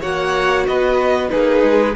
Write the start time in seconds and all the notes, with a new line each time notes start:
0.00 A#3 F#4 C#5 F#5
0.67 B3 B4 D#5
1.29 A#3 D#4 G#4 B4
1.63 G#3